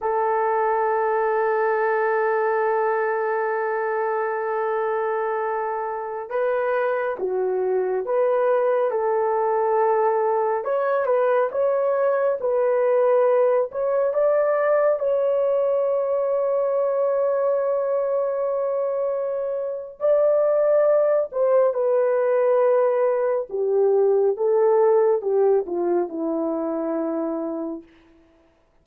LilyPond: \new Staff \with { instrumentName = "horn" } { \time 4/4 \tempo 4 = 69 a'1~ | a'2.~ a'16 b'8.~ | b'16 fis'4 b'4 a'4.~ a'16~ | a'16 cis''8 b'8 cis''4 b'4. cis''16~ |
cis''16 d''4 cis''2~ cis''8.~ | cis''2. d''4~ | d''8 c''8 b'2 g'4 | a'4 g'8 f'8 e'2 | }